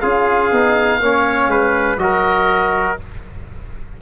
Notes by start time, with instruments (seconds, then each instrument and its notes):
0.00 tuba C#4, trombone F4, trumpet G#4, oboe F5
0.52 tuba B3, trombone D#4
1.01 tuba A#3, trombone C#4, trumpet C#5
1.48 tuba G#3, trumpet B4
1.97 tuba F#3, trombone F#4, trumpet A#4, oboe D#5